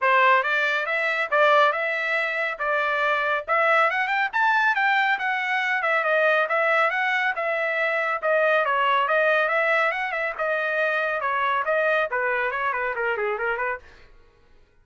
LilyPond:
\new Staff \with { instrumentName = "trumpet" } { \time 4/4 \tempo 4 = 139 c''4 d''4 e''4 d''4 | e''2 d''2 | e''4 fis''8 g''8 a''4 g''4 | fis''4. e''8 dis''4 e''4 |
fis''4 e''2 dis''4 | cis''4 dis''4 e''4 fis''8 e''8 | dis''2 cis''4 dis''4 | b'4 cis''8 b'8 ais'8 gis'8 ais'8 b'8 | }